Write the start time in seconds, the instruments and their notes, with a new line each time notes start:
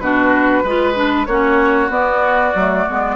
0.00 bassoon B2, clarinet D4, oboe F#4, flute B4
0.63 bassoon G#3, clarinet F4, oboe B4
0.95 clarinet D4
1.26 bassoon A#3, clarinet C#4, oboe F#4, flute C#5
1.89 bassoon B3, clarinet B3, flute D5
2.55 bassoon F#3, clarinet A3
2.90 bassoon G#3, clarinet B3